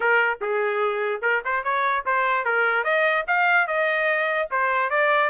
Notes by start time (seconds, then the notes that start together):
0.00 A#4
0.41 G#4
1.21 A#4
1.44 C5
1.63 C#5
2.05 C5
2.44 A#4
2.84 D#5
3.27 F5
3.67 D#5
4.50 C5
4.90 D5